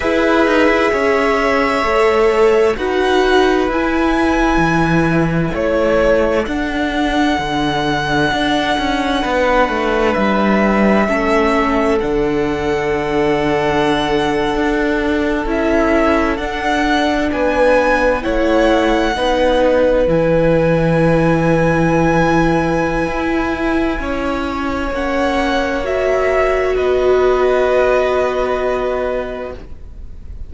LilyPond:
<<
  \new Staff \with { instrumentName = "violin" } { \time 4/4 \tempo 4 = 65 e''2. fis''4 | gis''2 cis''4 fis''4~ | fis''2. e''4~ | e''4 fis''2.~ |
fis''8. e''4 fis''4 gis''4 fis''16~ | fis''4.~ fis''16 gis''2~ gis''16~ | gis''2. fis''4 | e''4 dis''2. | }
  \new Staff \with { instrumentName = "violin" } { \time 4/4 b'4 cis''2 b'4~ | b'2 a'2~ | a'2 b'2 | a'1~ |
a'2~ a'8. b'4 cis''16~ | cis''8. b'2.~ b'16~ | b'2 cis''2~ | cis''4 b'2. | }
  \new Staff \with { instrumentName = "viola" } { \time 4/4 gis'2 a'4 fis'4 | e'2. d'4~ | d'1 | cis'4 d'2.~ |
d'8. e'4 d'2 e'16~ | e'8. dis'4 e'2~ e'16~ | e'2. cis'4 | fis'1 | }
  \new Staff \with { instrumentName = "cello" } { \time 4/4 e'8 dis'16 e'16 cis'4 a4 dis'4 | e'4 e4 a4 d'4 | d4 d'8 cis'8 b8 a8 g4 | a4 d2~ d8. d'16~ |
d'8. cis'4 d'4 b4 a16~ | a8. b4 e2~ e16~ | e4 e'4 cis'4 ais4~ | ais4 b2. | }
>>